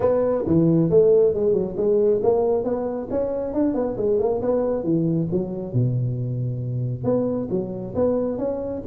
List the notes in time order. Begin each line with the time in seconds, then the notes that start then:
0.00 B3
0.46 E3
0.90 A3
1.34 G#3
1.53 F#3
1.76 G#3
2.22 A#3
2.64 B3
3.10 C#4
3.53 D4
3.74 B3
3.97 G#3
4.19 A#3
4.41 B3
4.83 E3
5.31 F#3
5.73 B2
7.04 B3
7.50 F#3
7.95 B3
8.38 C#4